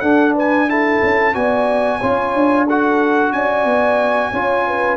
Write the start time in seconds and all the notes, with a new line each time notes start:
0.00 D4 A4 F#5
0.35 B4 G#5
0.68 E4 A4 A5
1.02 C#4
1.34 B3 F#4 D5 G#5
1.99 C#4 F4 C#5
2.34 D4
2.66 F#4 A4 F#5
3.32 C#4 D5 G#5
3.65 B3
4.31 C#4 F4 C#5
4.66 B4